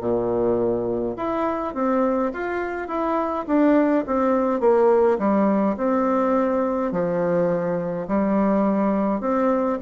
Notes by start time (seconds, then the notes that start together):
0.00 A#2
1.16 E4
1.74 C4
2.33 F4
2.87 E4
3.47 D4
4.06 C4
4.60 A#3
5.18 G3
5.77 C4
6.91 F3
8.08 G3
9.20 C4